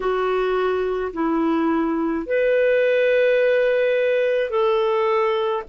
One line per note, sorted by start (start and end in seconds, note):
0.00 1.12 F#4
1.13 2.26 E4
2.26 4.50 B4
4.50 5.63 A4